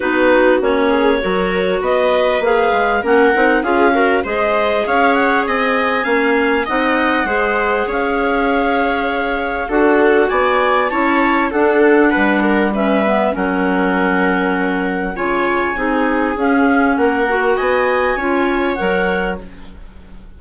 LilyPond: <<
  \new Staff \with { instrumentName = "clarinet" } { \time 4/4 \tempo 4 = 99 b'4 cis''2 dis''4 | f''4 fis''4 f''4 dis''4 | f''8 fis''8 gis''2 fis''4~ | fis''4 f''2. |
fis''4 gis''4 a''4 fis''4~ | fis''4 e''4 fis''2~ | fis''4 gis''2 f''4 | fis''4 gis''2 fis''4 | }
  \new Staff \with { instrumentName = "viola" } { \time 4/4 fis'4. gis'8 ais'4 b'4~ | b'4 ais'4 gis'8 ais'8 c''4 | cis''4 dis''4 f''4 dis''4 | c''4 cis''2. |
a'4 d''4 cis''4 a'4 | b'8 ais'8 b'4 ais'2~ | ais'4 cis''4 gis'2 | ais'4 dis''4 cis''2 | }
  \new Staff \with { instrumentName = "clarinet" } { \time 4/4 dis'4 cis'4 fis'2 | gis'4 cis'8 dis'8 f'8 fis'8 gis'4~ | gis'2 cis'4 dis'4 | gis'1 |
fis'2 e'4 d'4~ | d'4 cis'8 b8 cis'2~ | cis'4 f'4 dis'4 cis'4~ | cis'8 fis'4. f'4 ais'4 | }
  \new Staff \with { instrumentName = "bassoon" } { \time 4/4 b4 ais4 fis4 b4 | ais8 gis8 ais8 c'8 cis'4 gis4 | cis'4 c'4 ais4 c'4 | gis4 cis'2. |
d'4 b4 cis'4 d'4 | g2 fis2~ | fis4 cis4 c'4 cis'4 | ais4 b4 cis'4 fis4 | }
>>